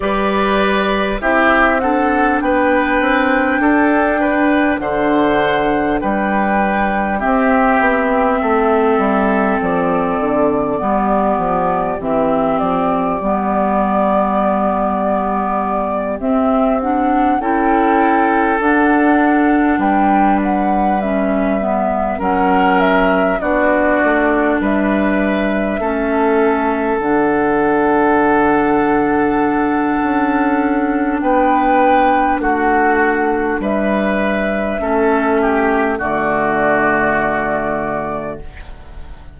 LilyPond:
<<
  \new Staff \with { instrumentName = "flute" } { \time 4/4 \tempo 4 = 50 d''4 e''8 fis''8 g''2 | fis''4 g''4 e''2 | d''2 e''8 d''4.~ | d''4. e''8 fis''8 g''4 fis''8~ |
fis''8 g''8 fis''8 e''4 fis''8 e''8 d''8~ | d''8 e''2 fis''4.~ | fis''2 g''4 fis''4 | e''2 d''2 | }
  \new Staff \with { instrumentName = "oboe" } { \time 4/4 b'4 g'8 a'8 b'4 a'8 b'8 | c''4 b'4 g'4 a'4~ | a'4 g'2.~ | g'2~ g'8 a'4.~ |
a'8 b'2 ais'4 fis'8~ | fis'8 b'4 a'2~ a'8~ | a'2 b'4 fis'4 | b'4 a'8 g'8 fis'2 | }
  \new Staff \with { instrumentName = "clarinet" } { \time 4/4 g'4 e'8 d'2~ d'8~ | d'2 c'2~ | c'4 b4 c'4 b4~ | b4. c'8 d'8 e'4 d'8~ |
d'4. cis'8 b8 cis'4 d'8~ | d'4. cis'4 d'4.~ | d'1~ | d'4 cis'4 a2 | }
  \new Staff \with { instrumentName = "bassoon" } { \time 4/4 g4 c'4 b8 c'8 d'4 | d4 g4 c'8 b8 a8 g8 | f8 d8 g8 f8 e8 f8 g4~ | g4. c'4 cis'4 d'8~ |
d'8 g2 fis4 b8 | a8 g4 a4 d4.~ | d4 cis'4 b4 a4 | g4 a4 d2 | }
>>